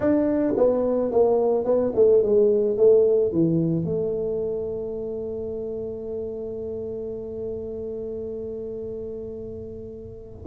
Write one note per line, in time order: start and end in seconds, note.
0.00 0.54 D4
0.57 1.11 B3
1.11 1.64 A#3
1.64 1.92 B3
1.95 2.22 A3
2.22 2.77 G#3
2.77 3.32 A3
3.32 3.85 E3
3.85 10.45 A3